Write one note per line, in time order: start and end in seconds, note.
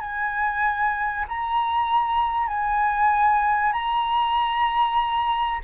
0.00 1.25 G#5
1.28 2.47 A#5
2.47 3.72 G#5
3.72 5.60 A#5